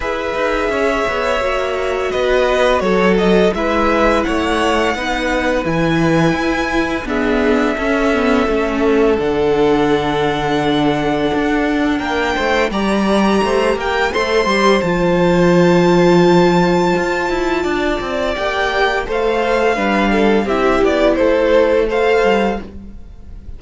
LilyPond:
<<
  \new Staff \with { instrumentName = "violin" } { \time 4/4 \tempo 4 = 85 e''2. dis''4 | cis''8 dis''8 e''4 fis''2 | gis''2 e''2~ | e''4 fis''2.~ |
fis''4 g''4 ais''4. g''8 | c'''4 a''2.~ | a''2 g''4 f''4~ | f''4 e''8 d''8 c''4 f''4 | }
  \new Staff \with { instrumentName = "violin" } { \time 4/4 b'4 cis''2 b'4 | a'4 b'4 cis''4 b'4~ | b'2 gis'4 a'4~ | a'1~ |
a'4 ais'8 c''8 d''4 c''8 ais'8 | c''1~ | c''4 d''2 c''4 | b'8 a'8 g'4 a'4 c''4 | }
  \new Staff \with { instrumentName = "viola" } { \time 4/4 gis'2 fis'2~ | fis'4 e'2 dis'4 | e'2 b4 cis'8 b8 | cis'4 d'2.~ |
d'2 g'2 | a'8 g'8 f'2.~ | f'2 g'4 a'4 | d'4 e'2 a'4 | }
  \new Staff \with { instrumentName = "cello" } { \time 4/4 e'8 dis'8 cis'8 b8 ais4 b4 | fis4 gis4 a4 b4 | e4 e'4 d'4 cis'4 | a4 d2. |
d'4 ais8 a8 g4 a8 ais8 | a8 g8 f2. | f'8 e'8 d'8 c'8 ais4 a4 | g4 c'8 b8 a4. g8 | }
>>